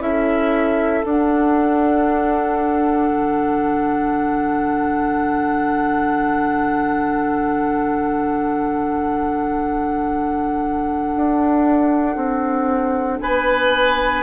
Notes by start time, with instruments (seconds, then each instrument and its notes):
0.00 bassoon C#4, clarinet E4, oboe A4, flute E5
1.05 bassoon D4, clarinet D4, flute F#5
3.11 bassoon D3
11.16 bassoon D4
12.16 bassoon C4
13.21 bassoon B3, oboe B4, flute G#5